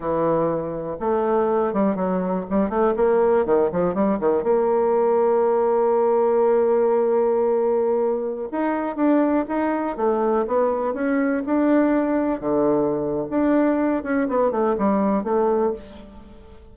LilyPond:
\new Staff \with { instrumentName = "bassoon" } { \time 4/4 \tempo 4 = 122 e2 a4. g8 | fis4 g8 a8 ais4 dis8 f8 | g8 dis8 ais2.~ | ais1~ |
ais4~ ais16 dis'4 d'4 dis'8.~ | dis'16 a4 b4 cis'4 d'8.~ | d'4~ d'16 d4.~ d16 d'4~ | d'8 cis'8 b8 a8 g4 a4 | }